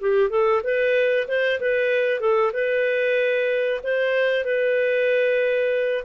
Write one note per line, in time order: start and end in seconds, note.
0.00 0.30 G4
0.30 0.62 A4
0.63 1.27 B4
1.27 1.59 C5
1.60 2.20 B4
2.20 2.52 A4
2.53 3.80 B4
3.83 4.44 C5
4.44 6.04 B4